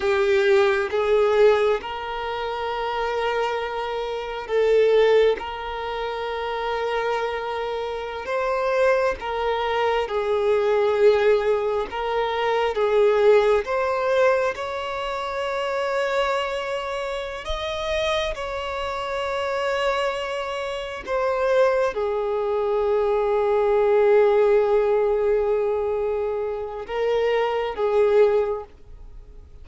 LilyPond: \new Staff \with { instrumentName = "violin" } { \time 4/4 \tempo 4 = 67 g'4 gis'4 ais'2~ | ais'4 a'4 ais'2~ | ais'4~ ais'16 c''4 ais'4 gis'8.~ | gis'4~ gis'16 ais'4 gis'4 c''8.~ |
c''16 cis''2.~ cis''16 dis''8~ | dis''8 cis''2. c''8~ | c''8 gis'2.~ gis'8~ | gis'2 ais'4 gis'4 | }